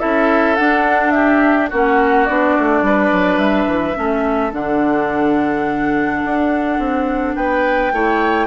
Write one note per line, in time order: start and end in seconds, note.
0.00 0.59 C#4
0.00 0.57 E4
0.00 1.14 A4
0.00 0.56 E5
0.56 1.72 D4
0.56 1.73 D4
0.56 1.11 F#5
1.11 1.70 G4
1.11 1.68 E5
1.70 2.29 A#3
1.70 2.29 C#4
1.70 2.84 F#4
1.70 2.26 F#5
2.26 2.57 B3
2.26 3.95 D4
2.26 3.39 D5
2.59 2.82 A3
2.82 3.11 G3
2.82 3.99 B4
3.13 3.38 F#3
3.38 3.66 G3
3.38 4.52 E5
3.67 3.95 E3
3.95 4.53 A3
3.95 4.52 C#4
3.95 7.36 A4
4.52 6.23 D3
4.52 7.92 D4
4.52 7.36 F#5
6.25 6.79 D4
6.79 7.36 C4
7.36 7.93 B3
7.36 7.93 B4
7.36 8.47 G5
7.93 8.47 A3
7.93 8.47 E4
7.93 8.47 C#5